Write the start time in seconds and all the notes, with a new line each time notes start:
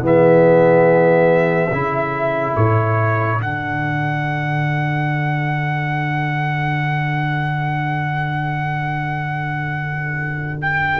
0.00 E3 B3 G#4 E5
1.71 C#3 E4 A4
2.56 A2 C#5
3.39 D3 D4 F#5
10.61 G5